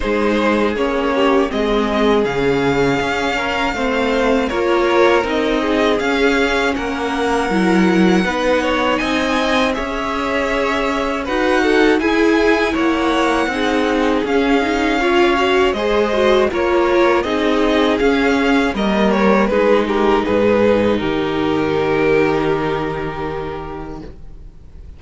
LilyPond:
<<
  \new Staff \with { instrumentName = "violin" } { \time 4/4 \tempo 4 = 80 c''4 cis''4 dis''4 f''4~ | f''2 cis''4 dis''4 | f''4 fis''2. | gis''4 e''2 fis''4 |
gis''4 fis''2 f''4~ | f''4 dis''4 cis''4 dis''4 | f''4 dis''8 cis''8 b'8 ais'8 b'4 | ais'1 | }
  \new Staff \with { instrumentName = "violin" } { \time 4/4 gis'4. g'8 gis'2~ | gis'8 ais'8 c''4 ais'4. gis'8~ | gis'4 ais'2 b'8 cis''8 | dis''4 cis''2 b'8 a'8 |
gis'4 cis''4 gis'2 | cis''4 c''4 ais'4 gis'4~ | gis'4 ais'4 gis'8 g'8 gis'4 | g'1 | }
  \new Staff \with { instrumentName = "viola" } { \time 4/4 dis'4 cis'4 c'4 cis'4~ | cis'4 c'4 f'4 dis'4 | cis'2 e'4 dis'4~ | dis'4 gis'2 fis'4 |
e'2 dis'4 cis'8 dis'8 | f'8 fis'8 gis'8 fis'8 f'4 dis'4 | cis'4 ais4 dis'2~ | dis'1 | }
  \new Staff \with { instrumentName = "cello" } { \time 4/4 gis4 ais4 gis4 cis4 | cis'4 a4 ais4 c'4 | cis'4 ais4 fis4 b4 | c'4 cis'2 dis'4 |
e'4 ais4 c'4 cis'4~ | cis'4 gis4 ais4 c'4 | cis'4 g4 gis4 gis,4 | dis1 | }
>>